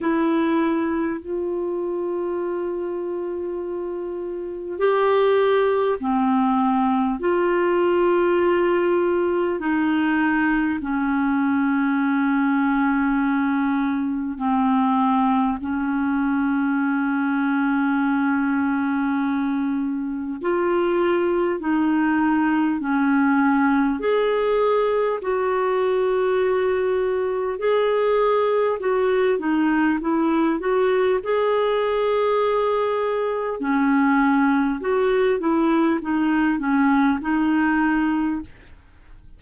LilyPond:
\new Staff \with { instrumentName = "clarinet" } { \time 4/4 \tempo 4 = 50 e'4 f'2. | g'4 c'4 f'2 | dis'4 cis'2. | c'4 cis'2.~ |
cis'4 f'4 dis'4 cis'4 | gis'4 fis'2 gis'4 | fis'8 dis'8 e'8 fis'8 gis'2 | cis'4 fis'8 e'8 dis'8 cis'8 dis'4 | }